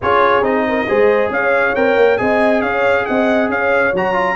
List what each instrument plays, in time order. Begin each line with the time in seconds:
0.01 tuba C#4, trombone F4, horn G#4, trumpet C#5
0.42 tuba C4, trombone D#4, trumpet D#5
0.68 horn A#4
0.88 tuba G#3, trombone G#4, horn C5
1.29 tuba C#4, horn C#5, trumpet F5
1.75 tuba C4, trombone A#4, trumpet G5
1.96 tuba A#3
2.17 tuba C4, trombone G#4, horn D#5, trumpet G#5
2.61 tuba C#4, horn C#5, trumpet F5
3.05 tuba C4, horn D#5, trumpet F#5
3.48 tuba C#4, horn C#5, trumpet F5
3.93 tuba F#3, trombone F#4, trumpet A#5
4.13 trombone F4